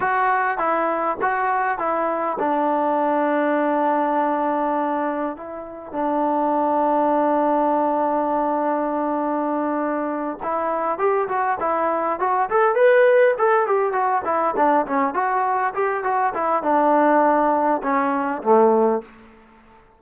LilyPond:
\new Staff \with { instrumentName = "trombone" } { \time 4/4 \tempo 4 = 101 fis'4 e'4 fis'4 e'4 | d'1~ | d'4 e'4 d'2~ | d'1~ |
d'4. e'4 g'8 fis'8 e'8~ | e'8 fis'8 a'8 b'4 a'8 g'8 fis'8 | e'8 d'8 cis'8 fis'4 g'8 fis'8 e'8 | d'2 cis'4 a4 | }